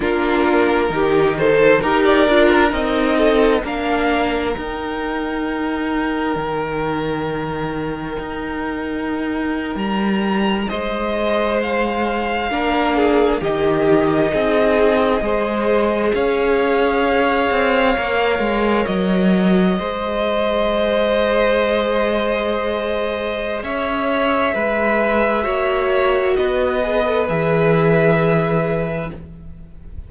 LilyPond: <<
  \new Staff \with { instrumentName = "violin" } { \time 4/4 \tempo 4 = 66 ais'4. c''8 ais'16 d''8 ais'16 dis''4 | f''4 g''2.~ | g''2~ g''8. ais''4 dis''16~ | dis''8. f''2 dis''4~ dis''16~ |
dis''4.~ dis''16 f''2~ f''16~ | f''8. dis''2.~ dis''16~ | dis''2 e''2~ | e''4 dis''4 e''2 | }
  \new Staff \with { instrumentName = "violin" } { \time 4/4 f'4 g'8 a'8 ais'4. a'8 | ais'1~ | ais'2.~ ais'8. c''16~ | c''4.~ c''16 ais'8 gis'8 g'4 gis'16~ |
gis'8. c''4 cis''2~ cis''16~ | cis''4.~ cis''16 c''2~ c''16~ | c''2 cis''4 b'4 | cis''4 b'2. | }
  \new Staff \with { instrumentName = "viola" } { \time 4/4 d'4 dis'4 g'8 f'8 dis'4 | d'4 dis'2.~ | dis'1~ | dis'4.~ dis'16 d'4 dis'4~ dis'16~ |
dis'8. gis'2. ais'16~ | ais'4.~ ais'16 gis'2~ gis'16~ | gis'1 | fis'4. gis'16 a'16 gis'2 | }
  \new Staff \with { instrumentName = "cello" } { \time 4/4 ais4 dis4 dis'8 d'8 c'4 | ais4 dis'2 dis4~ | dis4 dis'4.~ dis'16 g4 gis16~ | gis4.~ gis16 ais4 dis4 c'16~ |
c'8. gis4 cis'4. c'8 ais16~ | ais16 gis8 fis4 gis2~ gis16~ | gis2 cis'4 gis4 | ais4 b4 e2 | }
>>